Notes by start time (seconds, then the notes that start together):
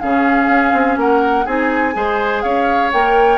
0.00 C#3 C#4 G#4 F5
0.48 C#4
0.73 C4
0.97 A#3 A#4 F#5
1.46 C4 D#4 G#4 G#5
1.94 G#3 G#4 C5
2.42 C#4 C#5 F5
2.93 A#3 A#4 G5